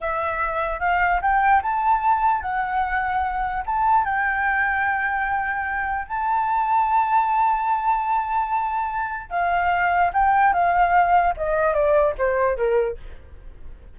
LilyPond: \new Staff \with { instrumentName = "flute" } { \time 4/4 \tempo 4 = 148 e''2 f''4 g''4 | a''2 fis''2~ | fis''4 a''4 g''2~ | g''2. a''4~ |
a''1~ | a''2. f''4~ | f''4 g''4 f''2 | dis''4 d''4 c''4 ais'4 | }